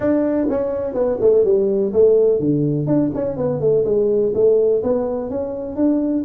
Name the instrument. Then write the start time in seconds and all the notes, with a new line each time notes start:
tuba
0.00 D4
0.49 C#4
0.94 B3
1.20 A3
1.44 G3
1.92 A3
2.39 D3
2.86 D4
3.15 C#4
3.36 B3
3.60 A3
3.84 G#3
4.34 A3
4.83 B3
5.30 C#4
5.76 D4